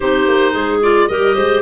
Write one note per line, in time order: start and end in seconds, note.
0.00 0.27 C4
0.00 0.82 D#4
0.00 0.52 G4
0.00 0.78 C5
0.27 0.54 A#3
0.52 1.08 G#3
0.52 1.06 G#4
0.82 1.09 F4
0.82 1.07 D5
1.07 1.36 G3
1.07 1.61 G4
1.07 1.35 A#4
1.07 1.61 D#5
1.35 1.61 G#3
1.35 1.61 C5